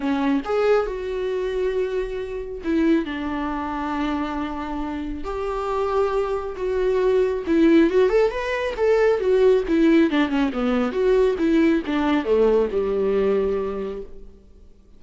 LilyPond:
\new Staff \with { instrumentName = "viola" } { \time 4/4 \tempo 4 = 137 cis'4 gis'4 fis'2~ | fis'2 e'4 d'4~ | d'1 | g'2. fis'4~ |
fis'4 e'4 fis'8 a'8 b'4 | a'4 fis'4 e'4 d'8 cis'8 | b4 fis'4 e'4 d'4 | a4 g2. | }